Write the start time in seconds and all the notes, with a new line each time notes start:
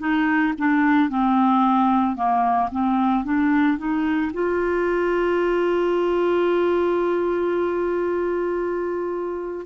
0.00 D#4
0.58 D4
1.10 C4
2.16 A#3
2.72 C4
3.25 D4
3.78 D#4
4.33 F4